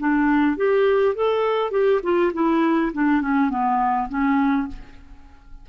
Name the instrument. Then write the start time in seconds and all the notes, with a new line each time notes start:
clarinet
0.00 D4
0.57 G4
1.15 A4
1.71 G4
2.03 F4
2.34 E4
2.94 D4
3.22 C#4
3.50 B3
4.09 C#4